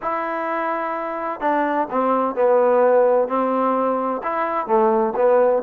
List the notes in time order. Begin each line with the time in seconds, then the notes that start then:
0.01 E4
1.40 D4
1.90 C4
2.35 B3
3.28 C4
4.23 E4
4.66 A3
5.16 B3